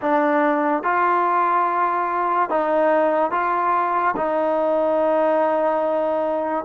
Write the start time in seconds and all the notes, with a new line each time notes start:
0.01 D4
0.83 F4
2.49 D#4
3.31 F4
4.16 D#4